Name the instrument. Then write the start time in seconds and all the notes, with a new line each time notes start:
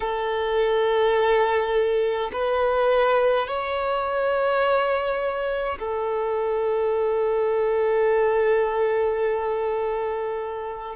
violin
0.00 A4
2.32 B4
3.47 C#5
5.78 A4